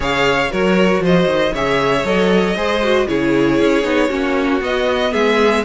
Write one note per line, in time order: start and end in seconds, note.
0.00 0.51 C#3
0.00 0.49 G#4
0.00 0.51 C#5
0.00 0.51 F5
0.51 0.99 F#3
0.51 1.53 F#4
0.51 1.02 A#4
0.51 1.03 C#5
0.99 1.25 F3
0.99 1.53 C5
1.05 1.55 D#5
1.26 1.51 D#3
1.53 2.03 C#3
1.53 2.04 G#4
1.53 2.55 C#5
1.53 2.06 E5
2.03 2.55 F#3
2.03 2.56 A4
2.03 3.07 D#5
2.56 3.07 G#3
2.56 2.82 G#4
2.56 3.07 C5
2.82 3.07 F#4
3.07 3.60 C#3
3.07 3.83 E4
3.07 4.09 G#4
3.07 4.61 C#5
3.60 3.83 C#4
3.83 4.09 B3
3.83 4.09 D#4
4.09 4.61 A#3
4.09 4.60 C#4
4.09 5.11 F#4
4.61 5.63 B3
4.61 5.12 B3
4.61 5.13 D#5
5.12 5.64 G#3
5.12 5.63 G#4
5.12 5.64 E5